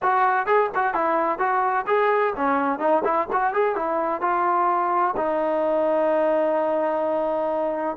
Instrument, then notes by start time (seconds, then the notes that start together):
trombone
0.02 F#4
0.46 G#4
0.74 F#4
0.94 E4
1.38 F#4
1.86 G#4
2.36 C#4
2.79 D#4
3.04 E4
3.32 F#4
3.53 G#4
3.75 E4
4.21 F4
5.16 D#4